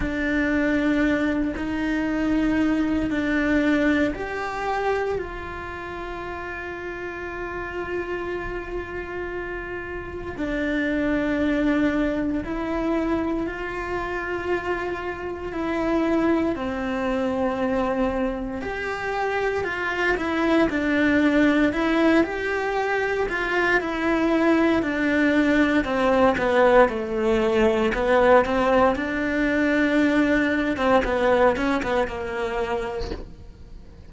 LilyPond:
\new Staff \with { instrumentName = "cello" } { \time 4/4 \tempo 4 = 58 d'4. dis'4. d'4 | g'4 f'2.~ | f'2 d'2 | e'4 f'2 e'4 |
c'2 g'4 f'8 e'8 | d'4 e'8 g'4 f'8 e'4 | d'4 c'8 b8 a4 b8 c'8 | d'4.~ d'16 c'16 b8 cis'16 b16 ais4 | }